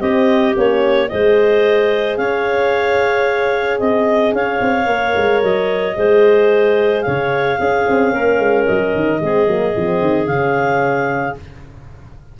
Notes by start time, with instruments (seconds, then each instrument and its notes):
0.00 tuba C4, horn C4, clarinet G4 D#5
0.54 tuba A#3, horn C#4, clarinet C#5
1.08 tuba G#3, horn G#4, clarinet C5 D#5
2.17 tuba C#4, clarinet C#5 F5
3.79 tuba C4, clarinet D#5
4.32 tuba C#4, clarinet C#5 F5
4.61 tuba C4
4.86 tuba A#3, horn A#4
5.16 tuba G#3
5.42 tuba F#3, clarinet D#5
5.96 tuba G#3, horn G#4, clarinet C5
7.01 tuba C#3, clarinet C#5 F5
7.58 horn C#4, tuba C#4, clarinet G#4
7.87 tuba C4
8.12 tuba A#3, clarinet A#4
8.39 tuba G#3
8.66 tuba F#3, clarinet D#5
8.95 tuba D#3
9.20 tuba G#3, horn C4, clarinet G#4
9.47 tuba F#3, horn A#3
9.75 tuba F3, horn C4
10.01 tuba D#3
10.26 tuba C#3, horn C#4, clarinet F5